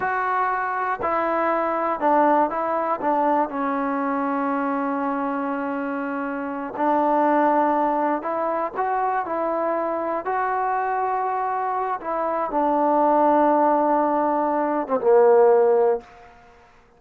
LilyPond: \new Staff \with { instrumentName = "trombone" } { \time 4/4 \tempo 4 = 120 fis'2 e'2 | d'4 e'4 d'4 cis'4~ | cis'1~ | cis'4. d'2~ d'8~ |
d'8 e'4 fis'4 e'4.~ | e'8 fis'2.~ fis'8 | e'4 d'2.~ | d'4.~ d'16 c'16 ais2 | }